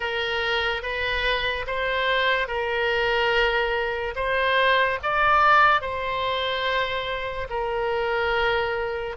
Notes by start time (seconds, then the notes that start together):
0.00 A#4
0.82 B4
1.67 C5
2.47 A#4
4.15 C5
5.02 D5
5.81 C5
7.49 A#4